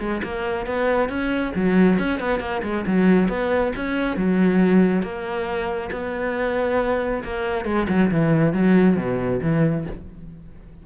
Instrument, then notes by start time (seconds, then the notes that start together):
cello
0.00 G#3
0.24 A#3
0.67 B3
1.09 C#4
1.56 F#3
1.99 C#4
2.20 B3
2.40 A#3
2.64 G#3
2.87 F#3
3.29 B3
3.76 C#4
4.17 F#3
5.03 A#3
5.92 B3
7.24 A#3
7.66 G#3
7.89 F#3
8.12 E3
8.53 F#3
8.97 B2
9.43 E3